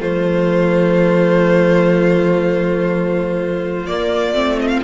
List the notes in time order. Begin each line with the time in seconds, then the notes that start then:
0.00 F3 A3 F4 C5
3.87 A#3 D5
4.32 A3 C4
4.61 D#5
4.68 F5